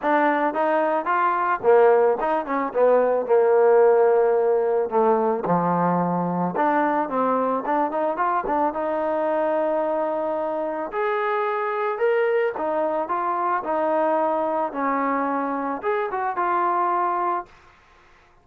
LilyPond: \new Staff \with { instrumentName = "trombone" } { \time 4/4 \tempo 4 = 110 d'4 dis'4 f'4 ais4 | dis'8 cis'8 b4 ais2~ | ais4 a4 f2 | d'4 c'4 d'8 dis'8 f'8 d'8 |
dis'1 | gis'2 ais'4 dis'4 | f'4 dis'2 cis'4~ | cis'4 gis'8 fis'8 f'2 | }